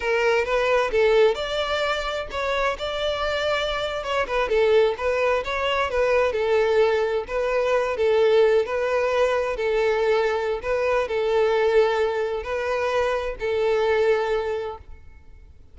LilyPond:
\new Staff \with { instrumentName = "violin" } { \time 4/4 \tempo 4 = 130 ais'4 b'4 a'4 d''4~ | d''4 cis''4 d''2~ | d''8. cis''8 b'8 a'4 b'4 cis''16~ | cis''8. b'4 a'2 b'16~ |
b'4~ b'16 a'4. b'4~ b'16~ | b'8. a'2~ a'16 b'4 | a'2. b'4~ | b'4 a'2. | }